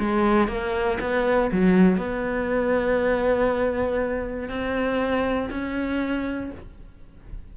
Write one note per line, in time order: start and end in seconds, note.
0.00 0.49 G#3
0.49 0.99 A#3
1.01 1.51 B3
1.52 1.98 F#3
1.98 4.49 B3
4.49 5.50 C4
5.51 6.52 C#4